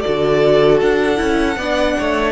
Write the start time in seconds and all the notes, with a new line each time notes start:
0.00 F#4 A4 D5
0.07 D3
0.81 D4 F#5
1.16 C#4 E4
1.56 B3 D4 D5
1.98 A3 C#5